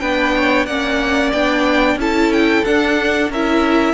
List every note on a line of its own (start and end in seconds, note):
0.00 0.67 B3
0.00 0.67 D4
0.00 0.34 B4
0.00 0.66 G5
0.37 0.67 C#5
0.66 1.33 A#3
0.66 1.35 C#4
0.66 1.99 D5
0.66 1.32 F#5
1.32 1.96 B3
1.32 2.00 D4
1.32 1.98 G5
1.96 2.62 C#4
1.96 2.66 E4
1.96 3.31 A4
1.96 2.33 A5
2.33 2.65 G5
2.65 3.32 D4
2.65 3.30 D4
2.65 3.31 F#5
3.30 3.94 C#4
3.30 3.94 E4
3.30 3.94 A#4
3.30 3.94 E5